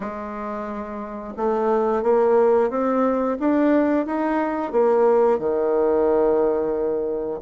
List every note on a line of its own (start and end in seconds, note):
0.00 1.34 G#3
1.36 2.02 A3
2.02 2.70 A#3
2.70 3.37 C4
3.39 4.05 D4
4.05 4.72 D#4
4.72 5.38 A#3
5.38 7.40 D#3